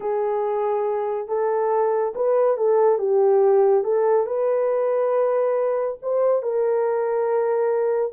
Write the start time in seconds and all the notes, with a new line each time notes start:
0.00 G#4
1.27 A4
2.15 B4
2.57 A4
2.98 G4
3.84 A4
4.26 B4
6.02 C5
6.42 A#4